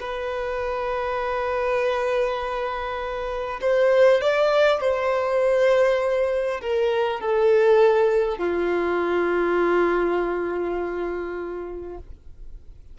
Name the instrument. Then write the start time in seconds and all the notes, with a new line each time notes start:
violin
0.00 B4
3.61 C5
4.21 D5
4.81 C5
6.61 A#4
7.20 A4
8.38 F4